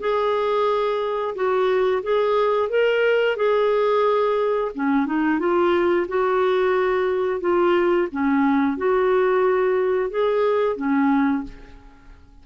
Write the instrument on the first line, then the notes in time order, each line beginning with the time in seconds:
clarinet
0.00 G#4
1.35 F#4
2.03 G#4
2.69 A#4
3.37 G#4
4.75 C#4
5.06 D#4
5.39 F4
6.08 F#4
7.41 F4
8.12 C#4
8.77 F#4
10.10 G#4
10.77 C#4